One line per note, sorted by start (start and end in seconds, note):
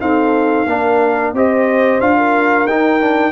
0.00 0.67 C4
0.00 0.67 D#4
0.00 0.69 A4
0.00 1.34 F5
0.67 1.33 A#3
0.67 1.35 D4
0.67 1.35 A#4
1.33 2.00 C4
1.33 2.01 G4
1.33 2.17 C5
1.33 2.01 D#5
2.00 2.66 D4
2.00 2.68 F4
2.00 2.67 F5
2.17 3.32 A#4
2.66 3.32 D#4
2.66 3.01 D#4
2.66 3.32 G5
3.01 3.32 D4